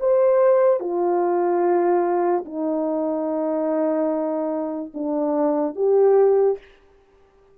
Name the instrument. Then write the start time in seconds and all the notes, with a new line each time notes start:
horn
0.00 C5
0.80 F4
2.45 D#4
4.94 D4
5.76 G4